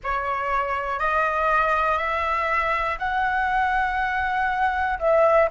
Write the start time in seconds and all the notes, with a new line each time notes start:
0.03 C#5
0.99 D#5
1.97 E5
2.98 F#5
4.99 E5